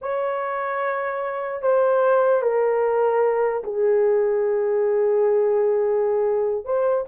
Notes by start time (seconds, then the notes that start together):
0.01 C#5
1.62 C5
2.42 A#4
3.63 G#4
6.64 C5